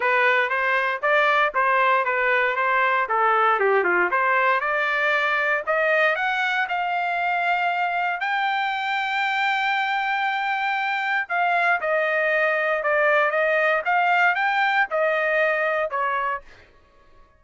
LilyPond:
\new Staff \with { instrumentName = "trumpet" } { \time 4/4 \tempo 4 = 117 b'4 c''4 d''4 c''4 | b'4 c''4 a'4 g'8 f'8 | c''4 d''2 dis''4 | fis''4 f''2. |
g''1~ | g''2 f''4 dis''4~ | dis''4 d''4 dis''4 f''4 | g''4 dis''2 cis''4 | }